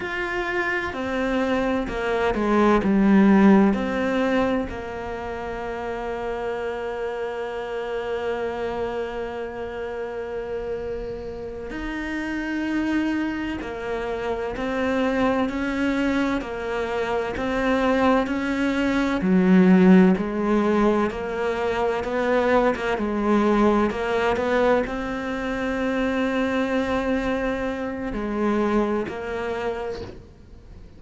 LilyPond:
\new Staff \with { instrumentName = "cello" } { \time 4/4 \tempo 4 = 64 f'4 c'4 ais8 gis8 g4 | c'4 ais2.~ | ais1~ | ais8 dis'2 ais4 c'8~ |
c'8 cis'4 ais4 c'4 cis'8~ | cis'8 fis4 gis4 ais4 b8~ | b16 ais16 gis4 ais8 b8 c'4.~ | c'2 gis4 ais4 | }